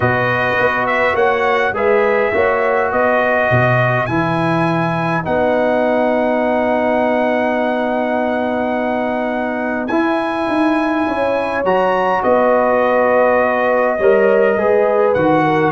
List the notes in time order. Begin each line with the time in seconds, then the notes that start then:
0.00 B2 F#4 B4 D#5
0.59 B3
0.86 E5
1.14 A#3 C#5 F#5
1.72 G#3 G#4 B4 E5
2.33 A#3 F#4 C#5
2.91 B3 B4 D#5
3.50 B2
4.05 E3 E4 G#5
5.23 B3 D#4 F#5
9.87 E4 G#5
10.48 D#4
11.07 C#4 C#5
11.63 F#3 F#4 A#5
12.23 B3 B4 D#5
13.97 G3 A#4 C#5
14.57 G#3 G#4 B4
15.13 D#3 F#4 F#5
15.45 A#4